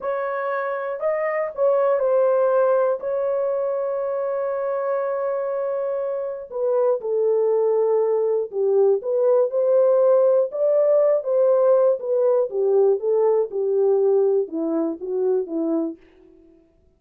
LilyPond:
\new Staff \with { instrumentName = "horn" } { \time 4/4 \tempo 4 = 120 cis''2 dis''4 cis''4 | c''2 cis''2~ | cis''1~ | cis''4 b'4 a'2~ |
a'4 g'4 b'4 c''4~ | c''4 d''4. c''4. | b'4 g'4 a'4 g'4~ | g'4 e'4 fis'4 e'4 | }